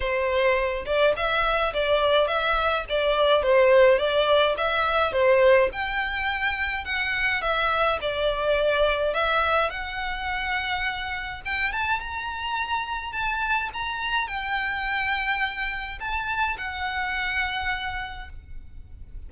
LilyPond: \new Staff \with { instrumentName = "violin" } { \time 4/4 \tempo 4 = 105 c''4. d''8 e''4 d''4 | e''4 d''4 c''4 d''4 | e''4 c''4 g''2 | fis''4 e''4 d''2 |
e''4 fis''2. | g''8 a''8 ais''2 a''4 | ais''4 g''2. | a''4 fis''2. | }